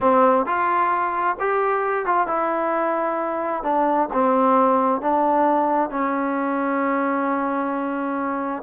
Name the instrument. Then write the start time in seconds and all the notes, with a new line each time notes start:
trombone
0.01 C4
0.45 F4
1.39 G4
2.05 F4
2.27 E4
3.63 D4
4.12 C4
5.01 D4
5.89 C#4